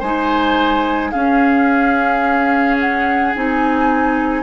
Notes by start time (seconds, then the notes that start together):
0.00 G#3 D#4 C5 G#5
1.12 C#4 G#4 F5
2.80 F#5
3.36 C4 D#4 G#5